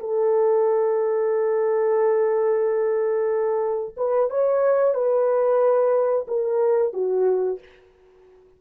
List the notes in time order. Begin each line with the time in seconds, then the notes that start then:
0.00 A4
3.97 B4
4.30 C#5
4.95 B4
6.28 A#4
6.94 F#4